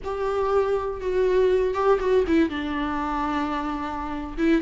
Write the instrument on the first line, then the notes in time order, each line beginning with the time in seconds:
viola
0.03 G4
1.00 F#4
1.74 G4
1.99 F#4
2.27 E4
2.49 D4
4.37 E4